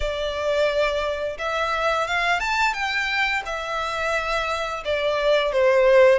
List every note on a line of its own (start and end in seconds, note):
0.00 1.37 D5
1.38 2.07 E5
2.07 2.39 F5
2.39 2.73 A5
2.73 3.42 G5
3.45 4.83 E5
4.84 5.52 D5
5.52 6.18 C5